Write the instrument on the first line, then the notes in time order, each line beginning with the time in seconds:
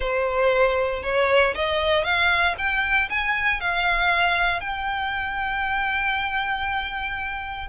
violin
0.00 C5
1.03 C#5
1.54 D#5
2.04 F5
2.58 G5
3.09 G#5
3.60 F5
4.60 G5